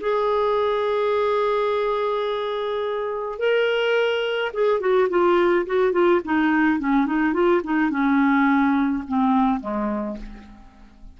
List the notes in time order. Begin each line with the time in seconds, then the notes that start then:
0.00 G#4
3.38 A#4
4.53 G#4
4.80 F#4
5.09 F4
5.66 F#4
5.92 F4
6.24 D#4
6.79 C#4
7.06 D#4
7.33 F4
7.63 D#4
7.90 C#4
9.07 C4
9.60 G#3